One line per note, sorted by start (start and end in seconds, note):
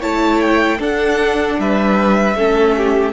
0.00 0.79 A3
0.00 0.79 E4
0.00 0.78 C#5
0.00 0.40 A5
0.40 0.79 G5
0.79 2.34 D4
0.79 1.57 D4
0.79 1.57 A4
0.79 1.60 F#5
1.58 2.35 G3
1.58 2.36 B4
1.58 3.12 E5
2.35 3.12 A3
2.35 3.12 C#4
2.35 2.75 A4
2.77 3.12 G4